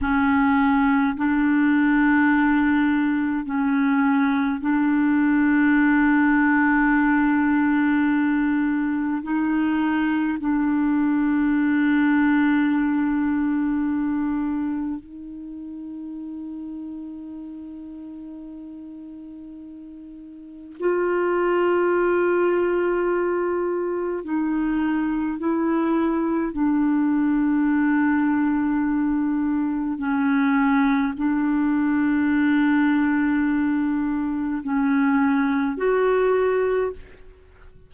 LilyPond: \new Staff \with { instrumentName = "clarinet" } { \time 4/4 \tempo 4 = 52 cis'4 d'2 cis'4 | d'1 | dis'4 d'2.~ | d'4 dis'2.~ |
dis'2 f'2~ | f'4 dis'4 e'4 d'4~ | d'2 cis'4 d'4~ | d'2 cis'4 fis'4 | }